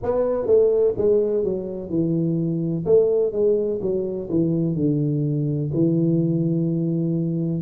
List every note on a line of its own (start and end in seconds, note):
0.03 0.46 B3
0.46 0.94 A3
0.97 1.43 G#3
1.43 1.89 F#3
1.89 2.84 E3
2.85 3.32 A3
3.32 3.80 G#3
3.81 4.29 F#3
4.30 4.75 E3
4.75 5.70 D3
5.73 7.62 E3